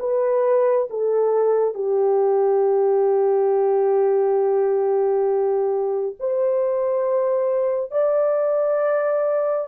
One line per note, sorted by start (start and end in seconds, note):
0.00 0.88 B4
0.91 1.75 A4
1.75 6.16 G4
6.20 7.92 C5
7.92 9.68 D5